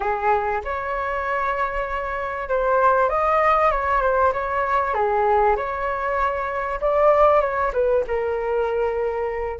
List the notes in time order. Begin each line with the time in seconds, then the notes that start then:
0.00 G#4
0.64 C#5
2.49 C5
3.09 D#5
3.71 C#5
4.01 C5
4.32 C#5
4.93 G#4
5.56 C#5
6.80 D5
7.40 C#5
7.73 B4
8.07 A#4